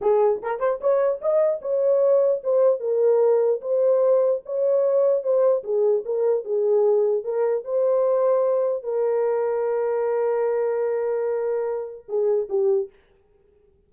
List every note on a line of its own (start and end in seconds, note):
0.01 0.41 G#4
0.42 0.59 A#4
0.59 0.79 C5
0.80 1.20 C#5
1.21 1.61 D#5
1.61 2.42 C#5
2.43 2.80 C5
2.80 3.60 A#4
3.61 4.41 C5
4.45 5.23 C#5
5.23 5.63 C5
5.63 6.03 G#4
6.05 6.44 A#4
6.44 7.24 G#4
7.24 7.64 A#4
7.64 8.83 C5
8.83 12.05 A#4
12.08 12.48 G#4
12.49 12.89 G4